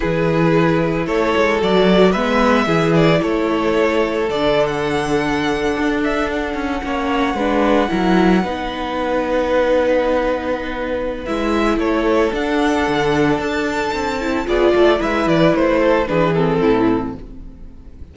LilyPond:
<<
  \new Staff \with { instrumentName = "violin" } { \time 4/4 \tempo 4 = 112 b'2 cis''4 d''4 | e''4. d''8 cis''2 | d''8. fis''2~ fis''8 e''8 fis''16~ | fis''1~ |
fis''1~ | fis''4 e''4 cis''4 fis''4~ | fis''4 a''2 d''4 | e''8 d''8 c''4 b'8 a'4. | }
  \new Staff \with { instrumentName = "violin" } { \time 4/4 gis'2 a'2 | b'4 gis'4 a'2~ | a'1~ | a'8. cis''4 b'4 ais'4 b'16~ |
b'1~ | b'2 a'2~ | a'2. gis'8 a'8 | b'4. a'8 gis'4 e'4 | }
  \new Staff \with { instrumentName = "viola" } { \time 4/4 e'2. fis'4 | b4 e'2. | d'1~ | d'8. cis'4 d'4 e'4 dis'16~ |
dis'1~ | dis'4 e'2 d'4~ | d'2~ d'8 e'8 f'4 | e'2 d'8 c'4. | }
  \new Staff \with { instrumentName = "cello" } { \time 4/4 e2 a8 gis8 fis4 | gis4 e4 a2 | d2~ d8. d'4~ d'16~ | d'16 cis'8 ais4 gis4 fis4 b16~ |
b1~ | b4 gis4 a4 d'4 | d4 d'4 c'4 b8 a8 | gis8 e8 a4 e4 a,4 | }
>>